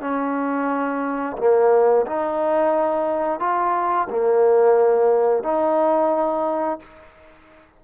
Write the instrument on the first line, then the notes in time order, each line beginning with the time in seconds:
trombone
0.00 C#4
1.37 A#3
2.06 D#4
3.39 F4
4.09 A#3
5.43 D#4